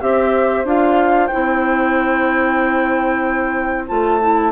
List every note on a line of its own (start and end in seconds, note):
0.00 0.64 C4
0.00 0.65 G4
0.00 4.51 C5
0.00 0.65 E5
0.64 1.28 D4
0.64 1.30 F4
0.64 1.26 F5
1.26 3.87 E4
1.26 3.84 G5
1.34 3.90 C4
3.87 4.51 A3
3.87 4.20 F4
3.87 4.51 A5
4.21 4.51 E4